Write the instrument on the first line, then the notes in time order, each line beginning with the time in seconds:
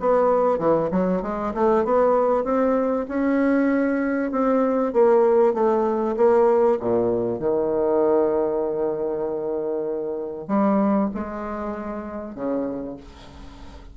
bassoon
0.00 B3
0.59 E3
0.91 F#3
1.23 G#3
1.55 A3
1.85 B3
2.45 C4
3.08 C#4
4.32 C4
4.93 A#3
5.54 A3
6.17 A#3
6.80 A#2
7.40 D#3
10.48 G3
11.14 G#3
12.35 C#3